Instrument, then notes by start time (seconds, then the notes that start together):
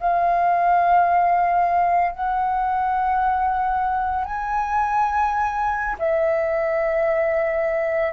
flute
0.00 F5
2.12 F#5
4.25 G#5
5.99 E5